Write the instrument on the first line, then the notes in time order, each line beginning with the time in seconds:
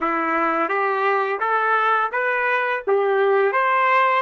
trumpet
0.00 E4
0.68 G4
1.39 A4
2.12 B4
2.87 G4
3.52 C5